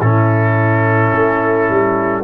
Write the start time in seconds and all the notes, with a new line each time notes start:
0.00 A2 C#4 E4 A4
1.13 A3
1.69 G3